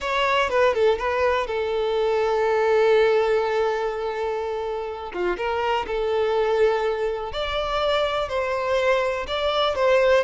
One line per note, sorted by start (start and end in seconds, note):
0.00 0.49 C#5
0.49 0.74 B4
0.74 0.98 A4
0.98 1.46 B4
1.46 5.12 A4
5.13 5.37 F4
5.37 5.85 A#4
5.86 7.32 A4
7.32 8.29 D5
8.29 9.26 C5
9.27 9.75 D5
9.75 10.23 C5